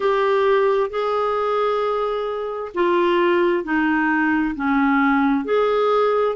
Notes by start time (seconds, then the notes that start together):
0.00 G4
0.90 G#4
2.74 F4
3.64 D#4
4.55 C#4
5.45 G#4